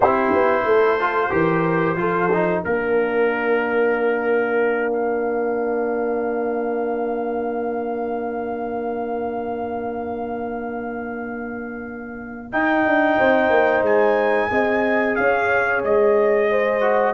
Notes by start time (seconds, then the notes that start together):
0.00 C4 E4 G4 C5
0.33 B3
0.64 A3 A4
0.99 F4
1.30 E3 G4 A#4
1.96 F3 F4 A4
2.33 D#4
2.64 A#3 D4 A#4
4.93 F5
12.52 D#4 G5
12.85 D4
13.17 C4 C5
13.49 A#3
13.81 G#3 G#5
14.50 C4 G#4 D#5
15.15 C#4 C#5 F5
15.83 G#3 D#5
16.50 C5
16.80 F#4